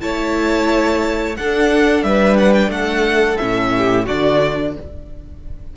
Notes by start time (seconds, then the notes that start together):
0.00 A3 E4 C#5 A5
1.37 D4 A4 F#5
2.03 G3 B4 E5
2.37 F#5
2.54 G5
2.68 A3 A4 F#5
3.37 A2 C#4 E5
3.78 G4
4.06 D3 D4 F#4 D5